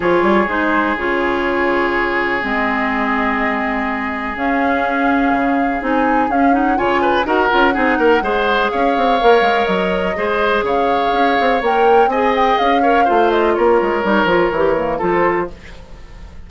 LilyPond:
<<
  \new Staff \with { instrumentName = "flute" } { \time 4/4 \tempo 4 = 124 cis''4 c''4 cis''2~ | cis''4 dis''2.~ | dis''4 f''2. | gis''4 f''8 fis''8 gis''4 fis''4~ |
fis''2 f''2 | dis''2 f''2 | g''4 gis''8 g''8 f''4. dis''8 | cis''2. c''4 | }
  \new Staff \with { instrumentName = "oboe" } { \time 4/4 gis'1~ | gis'1~ | gis'1~ | gis'2 cis''8 b'8 ais'4 |
gis'8 ais'8 c''4 cis''2~ | cis''4 c''4 cis''2~ | cis''4 dis''4. cis''8 c''4 | ais'2. a'4 | }
  \new Staff \with { instrumentName = "clarinet" } { \time 4/4 f'4 dis'4 f'2~ | f'4 c'2.~ | c'4 cis'2. | dis'4 cis'8 dis'8 f'4 fis'8 f'8 |
dis'4 gis'2 ais'4~ | ais'4 gis'2. | ais'4 gis'4. ais'8 f'4~ | f'4 dis'8 f'8 g'8 ais8 f'4 | }
  \new Staff \with { instrumentName = "bassoon" } { \time 4/4 f8 g8 gis4 cis2~ | cis4 gis2.~ | gis4 cis'2 cis4 | c'4 cis'4 cis4 dis'8 cis'8 |
c'8 ais8 gis4 cis'8 c'8 ais8 gis8 | fis4 gis4 cis4 cis'8 c'8 | ais4 c'4 cis'4 a4 | ais8 gis8 g8 f8 e4 f4 | }
>>